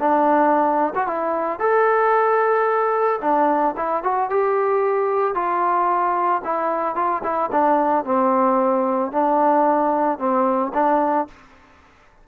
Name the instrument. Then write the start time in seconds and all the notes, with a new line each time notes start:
trombone
0.00 D4
0.95 F#4
1.07 E4
1.60 A4
3.22 D4
3.77 E4
4.04 F#4
4.31 G4
5.35 F4
6.45 E4
6.96 F4
7.24 E4
7.52 D4
8.05 C4
9.12 D4
10.19 C4
10.74 D4